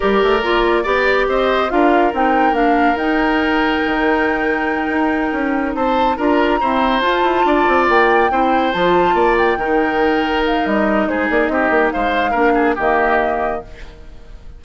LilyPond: <<
  \new Staff \with { instrumentName = "flute" } { \time 4/4 \tempo 4 = 141 d''2. dis''4 | f''4 g''4 f''4 g''4~ | g''1~ | g''4. a''4 ais''4.~ |
ais''8 a''2 g''4.~ | g''8 a''4. g''2~ | g''8 f''8 dis''4 c''8 d''8 dis''4 | f''2 dis''2 | }
  \new Staff \with { instrumentName = "oboe" } { \time 4/4 ais'2 d''4 c''4 | ais'1~ | ais'1~ | ais'4. c''4 ais'4 c''8~ |
c''4. d''2 c''8~ | c''4. d''4 ais'4.~ | ais'2 gis'4 g'4 | c''4 ais'8 gis'8 g'2 | }
  \new Staff \with { instrumentName = "clarinet" } { \time 4/4 g'4 f'4 g'2 | f'4 dis'4 d'4 dis'4~ | dis'1~ | dis'2~ dis'8 f'4 c'8~ |
c'8 f'2. e'8~ | e'8 f'2 dis'4.~ | dis'1~ | dis'4 d'4 ais2 | }
  \new Staff \with { instrumentName = "bassoon" } { \time 4/4 g8 a8 ais4 b4 c'4 | d'4 c'4 ais4 dis'4~ | dis'4 dis2~ dis8 dis'8~ | dis'8 cis'4 c'4 d'4 e'8~ |
e'8 f'8 e'8 d'8 c'8 ais4 c'8~ | c'8 f4 ais4 dis4.~ | dis4 g4 gis8 ais8 c'8 ais8 | gis4 ais4 dis2 | }
>>